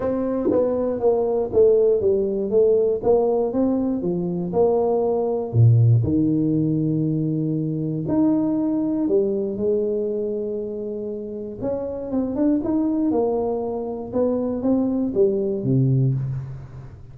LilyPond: \new Staff \with { instrumentName = "tuba" } { \time 4/4 \tempo 4 = 119 c'4 b4 ais4 a4 | g4 a4 ais4 c'4 | f4 ais2 ais,4 | dis1 |
dis'2 g4 gis4~ | gis2. cis'4 | c'8 d'8 dis'4 ais2 | b4 c'4 g4 c4 | }